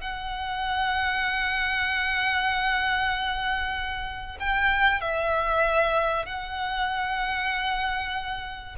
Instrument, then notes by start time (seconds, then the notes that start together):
violin
0.00 F#5
4.39 G5
5.01 E5
6.26 F#5